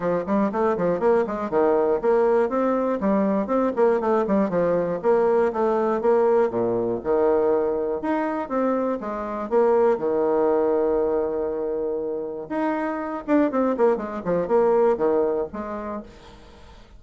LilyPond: \new Staff \with { instrumentName = "bassoon" } { \time 4/4 \tempo 4 = 120 f8 g8 a8 f8 ais8 gis8 dis4 | ais4 c'4 g4 c'8 ais8 | a8 g8 f4 ais4 a4 | ais4 ais,4 dis2 |
dis'4 c'4 gis4 ais4 | dis1~ | dis4 dis'4. d'8 c'8 ais8 | gis8 f8 ais4 dis4 gis4 | }